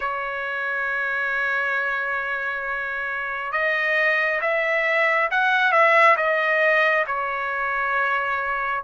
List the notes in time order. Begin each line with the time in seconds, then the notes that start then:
0.00 C#5
3.52 D#5
4.41 E5
5.31 F#5
5.72 E5
6.16 D#5
7.06 C#5